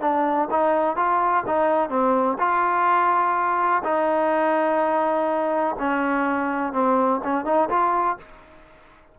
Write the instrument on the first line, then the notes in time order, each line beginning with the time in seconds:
trombone
0.00 D4
0.50 D#4
0.96 F4
1.46 D#4
1.89 C4
2.38 F4
3.84 D#4
5.79 C#4
6.72 C4
7.23 C#4
7.45 D#4
7.69 F4